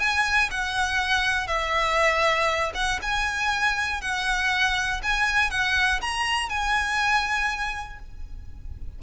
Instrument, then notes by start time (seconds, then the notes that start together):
violin
0.00 G#5
0.51 F#5
1.48 E5
2.75 F#5
3.02 G#5
4.02 F#5
5.03 G#5
5.51 F#5
6.02 A#5
6.50 G#5